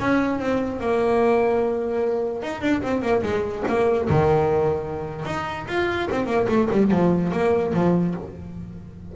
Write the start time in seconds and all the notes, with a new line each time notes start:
0.00 C#4
0.40 C4
0.81 A#3
2.43 D#4
2.62 D4
2.83 C4
3.02 A#3
3.23 G#3
3.68 A#3
4.10 D#3
5.26 D#4
5.68 F4
6.11 C4
6.26 A#3
6.48 A3
6.71 G3
6.91 F3
7.32 A#3
7.74 F3